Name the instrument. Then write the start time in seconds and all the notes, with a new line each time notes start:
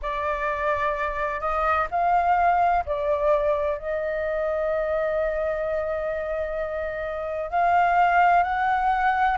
flute
0.02 D5
1.40 D#5
1.90 F5
2.85 D5
3.78 D#5
7.50 F5
8.43 F#5